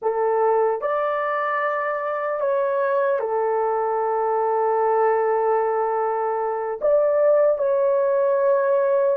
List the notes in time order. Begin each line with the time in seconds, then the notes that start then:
0.01 A4
0.81 D5
2.40 C#5
3.19 A4
6.81 D5
7.58 C#5